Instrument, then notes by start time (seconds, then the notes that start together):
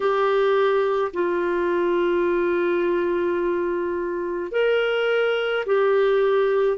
clarinet
0.00 G4
1.13 F4
4.51 A#4
5.66 G4